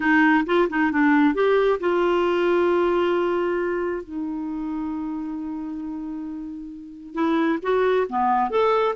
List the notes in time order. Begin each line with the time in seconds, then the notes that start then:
0.00 D#4
0.46 F4
0.69 D#4
0.91 D4
1.34 G4
1.80 F4
4.03 D#4
7.14 E4
7.62 F#4
8.09 B3
8.50 A4